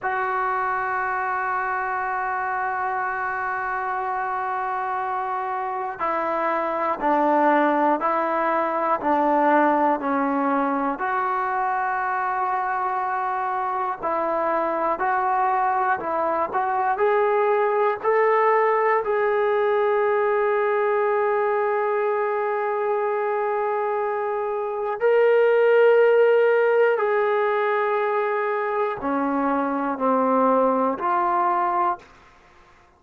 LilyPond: \new Staff \with { instrumentName = "trombone" } { \time 4/4 \tempo 4 = 60 fis'1~ | fis'2 e'4 d'4 | e'4 d'4 cis'4 fis'4~ | fis'2 e'4 fis'4 |
e'8 fis'8 gis'4 a'4 gis'4~ | gis'1~ | gis'4 ais'2 gis'4~ | gis'4 cis'4 c'4 f'4 | }